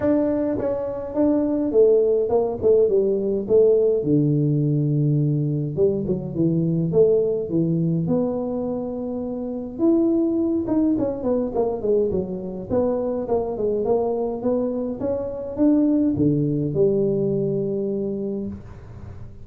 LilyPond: \new Staff \with { instrumentName = "tuba" } { \time 4/4 \tempo 4 = 104 d'4 cis'4 d'4 a4 | ais8 a8 g4 a4 d4~ | d2 g8 fis8 e4 | a4 e4 b2~ |
b4 e'4. dis'8 cis'8 b8 | ais8 gis8 fis4 b4 ais8 gis8 | ais4 b4 cis'4 d'4 | d4 g2. | }